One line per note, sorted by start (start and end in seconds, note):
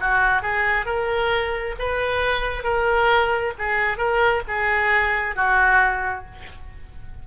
0.00 0.42 F#4
0.42 0.85 G#4
0.85 1.75 A#4
1.79 2.63 B4
2.63 3.53 A#4
3.58 3.98 G#4
3.98 4.42 A#4
4.47 5.35 G#4
5.35 6.25 F#4